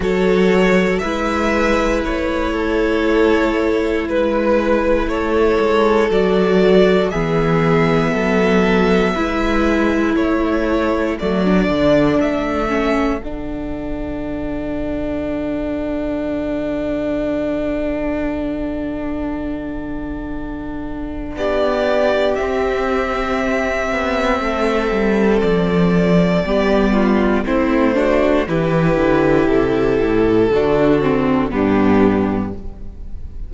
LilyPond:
<<
  \new Staff \with { instrumentName = "violin" } { \time 4/4 \tempo 4 = 59 cis''4 e''4 cis''2 | b'4 cis''4 d''4 e''4~ | e''2 cis''4 d''4 | e''4 fis''2.~ |
fis''1~ | fis''4 d''4 e''2~ | e''4 d''2 c''4 | b'4 a'2 g'4 | }
  \new Staff \with { instrumentName = "violin" } { \time 4/4 a'4 b'4. a'4. | b'4 a'2 gis'4 | a'4 b'4 a'2~ | a'1~ |
a'1~ | a'4 g'2. | a'2 g'8 f'8 e'8 fis'8 | g'2 fis'4 d'4 | }
  \new Staff \with { instrumentName = "viola" } { \time 4/4 fis'4 e'2.~ | e'2 fis'4 b4~ | b4 e'2 a16 d'8.~ | d'8 cis'8 d'2.~ |
d'1~ | d'2 c'2~ | c'2 b4 c'8 d'8 | e'2 d'8 c'8 b4 | }
  \new Staff \with { instrumentName = "cello" } { \time 4/4 fis4 gis4 a2 | gis4 a8 gis8 fis4 e4 | fis4 gis4 a4 fis8 d8 | a4 d2.~ |
d1~ | d4 b4 c'4. b8 | a8 g8 f4 g4 a4 | e8 d8 c8 a,8 d4 g,4 | }
>>